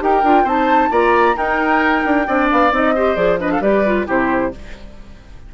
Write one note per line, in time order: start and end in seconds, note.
0.00 0.23 D#4
0.00 0.23 G4
0.00 0.44 A#4
0.00 0.48 G5
0.23 0.44 D4
0.23 0.46 F4
0.44 0.89 C4
0.44 0.91 D#4
0.44 0.89 C5
0.44 0.92 A5
0.91 1.36 A#3
0.91 1.35 F4
0.91 1.36 D5
0.91 1.37 A#5
1.35 2.25 D#4
1.35 2.05 D#4
1.35 2.27 A#4
1.35 2.50 G5
2.05 2.28 D4
2.27 2.51 C4
2.27 2.72 D4
2.27 2.95 D5
2.51 2.72 B3
2.51 2.74 F5
2.72 3.16 C4
2.72 2.94 D#4
2.72 3.16 D#5
2.95 3.16 G4
2.95 3.40 C5
3.16 3.61 F3
3.16 3.39 G#4
3.16 3.39 D5
3.39 3.62 D4
3.39 3.52 B4
3.39 3.51 D#5
3.51 3.62 A4
3.51 3.62 F5
3.61 4.06 G3
3.61 3.84 G4
3.61 4.07 B4
3.61 4.07 D5
3.86 4.06 F4
4.06 4.54 C3
4.06 4.51 E4
4.06 4.52 G4
4.06 4.55 C5